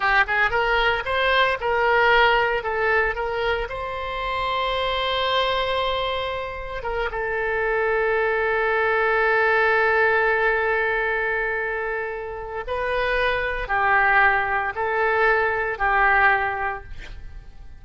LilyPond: \new Staff \with { instrumentName = "oboe" } { \time 4/4 \tempo 4 = 114 g'8 gis'8 ais'4 c''4 ais'4~ | ais'4 a'4 ais'4 c''4~ | c''1~ | c''4 ais'8 a'2~ a'8~ |
a'1~ | a'1 | b'2 g'2 | a'2 g'2 | }